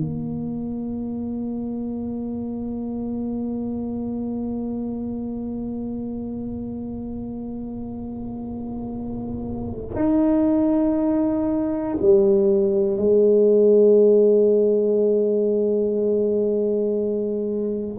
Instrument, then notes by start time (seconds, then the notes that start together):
tuba
0.00 A#3
9.96 D#4
12.02 G3
12.98 G#3